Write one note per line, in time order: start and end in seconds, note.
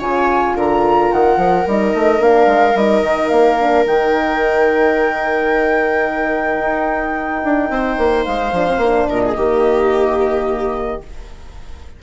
0.00 0.56 C#3
0.00 1.66 F4
0.00 0.55 C#5
0.00 0.57 G#5
0.56 1.11 D3
0.56 7.72 A#4
0.56 1.13 A#5
1.12 1.37 D#3
1.12 1.68 F#5
1.37 1.65 F3
1.68 1.95 G3
1.68 2.19 D#4
1.68 2.23 D#5
1.95 2.21 A3
2.19 2.47 A#3
2.19 2.74 D4
2.19 2.78 F5
2.47 2.75 G#3
2.75 3.03 G3
2.75 3.60 D#4
2.75 3.29 D#5
3.03 3.30 D#3
3.29 3.86 A#3
3.29 3.84 F5
3.60 3.87 D4
3.87 6.60 D#3
3.87 8.56 D#4
3.87 8.26 G5
6.60 7.43 D#4
7.44 7.70 D4
7.70 7.98 C4
7.70 9.10 C5
7.98 8.26 A#3
8.26 8.53 G#3
8.26 9.08 F5
8.53 8.78 F3
8.53 8.68 D4
8.68 8.82 C4
8.78 9.05 A#3
8.78 9.38 D4
9.09 9.37 A#2
9.09 9.24 A#4
9.09 11.02 D#5
9.26 9.37 G#4
9.37 11.02 D#3
9.37 11.03 A#3
9.37 11.02 G4